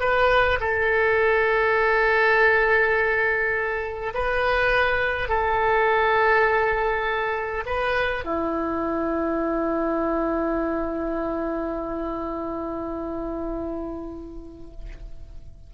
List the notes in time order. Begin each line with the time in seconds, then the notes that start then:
0.00 B4
0.60 A4
4.14 B4
5.28 A4
7.66 B4
8.24 E4